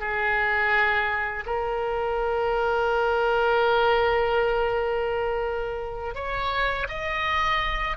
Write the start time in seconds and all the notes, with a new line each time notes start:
0.00 G#4
1.46 A#4
6.15 C#5
6.88 D#5